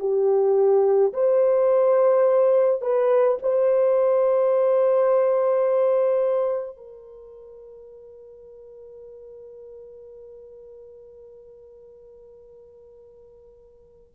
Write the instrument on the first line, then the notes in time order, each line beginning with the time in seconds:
horn
0.00 G4
1.14 C5
2.82 B4
3.43 C5
6.77 A#4